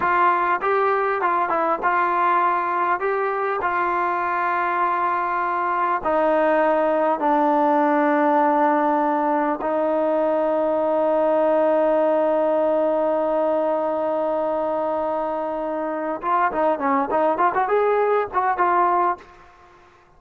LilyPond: \new Staff \with { instrumentName = "trombone" } { \time 4/4 \tempo 4 = 100 f'4 g'4 f'8 e'8 f'4~ | f'4 g'4 f'2~ | f'2 dis'2 | d'1 |
dis'1~ | dis'1~ | dis'2. f'8 dis'8 | cis'8 dis'8 f'16 fis'16 gis'4 fis'8 f'4 | }